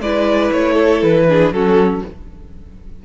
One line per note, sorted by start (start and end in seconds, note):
0.00 0.50 G#3
0.00 1.28 E4
0.00 0.74 B4
0.00 0.52 D5
0.52 1.03 A3
0.52 1.03 C#5
0.74 1.24 A4
1.03 1.51 E3
1.03 1.53 B4
1.28 1.53 D4
1.28 1.55 G#4
1.51 2.02 F#3
1.51 2.04 C#4
1.51 2.05 F#4
1.51 2.03 A4